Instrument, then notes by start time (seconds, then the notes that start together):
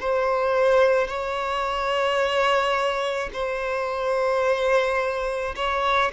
violin
0.00 C5
1.08 C#5
3.33 C5
5.56 C#5